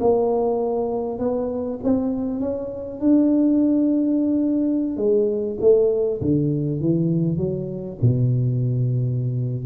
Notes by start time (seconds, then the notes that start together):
0.00 A#3
1.19 B3
1.83 C4
2.40 C#4
3.00 D4
4.97 G#3
5.60 A3
6.21 D3
6.80 E3
7.37 F#3
8.02 B2